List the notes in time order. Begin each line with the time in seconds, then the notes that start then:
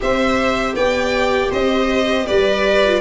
0.00 C4 G4 C5 E5
0.75 B3 D5 G5
1.50 C4 C5 D#5
2.26 G3 B4 D5
2.84 F4